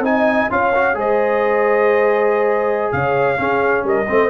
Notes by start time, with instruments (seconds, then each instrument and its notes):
0.00 tuba C4, trombone D#4, horn D#5, trumpet G#5
0.50 tuba C#4, trombone F4, horn C#5, trumpet F5
0.75 trombone F#4
0.95 tuba G#3, trombone G#4, horn C5, trumpet D#5
2.92 tuba C#3, horn C#5, trumpet F5
3.37 trombone C#4, tuba C#4, horn G#4
3.84 tuba G3, horn A#4, trumpet D#5
4.09 tuba A3, trombone C4, horn C5